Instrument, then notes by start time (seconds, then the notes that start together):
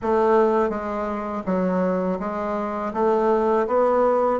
bassoon
0.02 A3
0.70 G#3
1.45 F#3
2.19 G#3
2.93 A3
3.67 B3